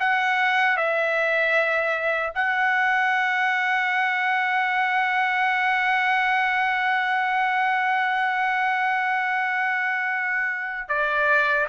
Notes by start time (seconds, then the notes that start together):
0.00 F#5
0.77 E5
2.35 F#5
10.89 D5